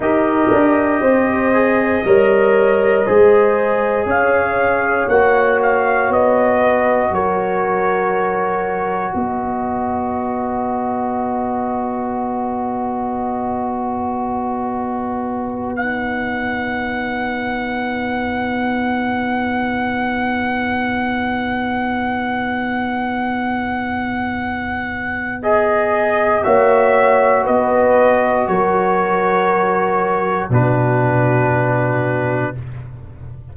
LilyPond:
<<
  \new Staff \with { instrumentName = "trumpet" } { \time 4/4 \tempo 4 = 59 dis''1 | f''4 fis''8 f''8 dis''4 cis''4~ | cis''4 dis''2.~ | dis''2.~ dis''8 fis''8~ |
fis''1~ | fis''1~ | fis''4 dis''4 e''4 dis''4 | cis''2 b'2 | }
  \new Staff \with { instrumentName = "horn" } { \time 4/4 ais'4 c''4 cis''4 c''4 | cis''2~ cis''8 b'8 ais'4~ | ais'4 b'2.~ | b'1~ |
b'1~ | b'1~ | b'2 cis''4 b'4 | ais'2 fis'2 | }
  \new Staff \with { instrumentName = "trombone" } { \time 4/4 g'4. gis'8 ais'4 gis'4~ | gis'4 fis'2.~ | fis'1~ | fis'2.~ fis'8 dis'8~ |
dis'1~ | dis'1~ | dis'4 gis'4 fis'2~ | fis'2 d'2 | }
  \new Staff \with { instrumentName = "tuba" } { \time 4/4 dis'8 d'8 c'4 g4 gis4 | cis'4 ais4 b4 fis4~ | fis4 b2.~ | b1~ |
b1~ | b1~ | b2 ais4 b4 | fis2 b,2 | }
>>